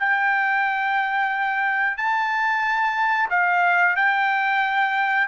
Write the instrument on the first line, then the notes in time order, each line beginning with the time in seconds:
trumpet
0.00 G5
1.98 A5
3.31 F5
3.97 G5